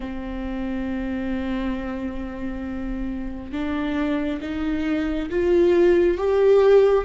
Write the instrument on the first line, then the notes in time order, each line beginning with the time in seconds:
viola
0.00 C4
3.51 D4
4.41 D#4
5.29 F4
6.17 G4